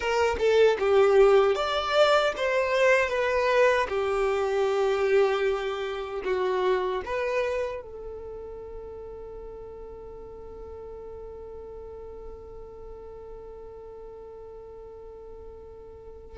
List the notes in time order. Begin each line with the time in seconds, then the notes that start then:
0.00 A#4
0.38 A4
0.79 G4
1.55 D5
2.37 C5
3.09 B4
3.88 G4
6.24 F#4
7.05 B4
7.82 A4